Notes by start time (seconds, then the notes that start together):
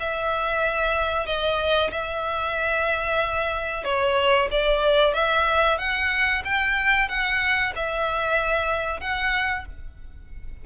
0.00 E5
1.26 D#5
1.91 E5
3.84 C#5
4.51 D5
5.14 E5
5.78 F#5
6.45 G5
7.09 F#5
7.75 E5
9.00 F#5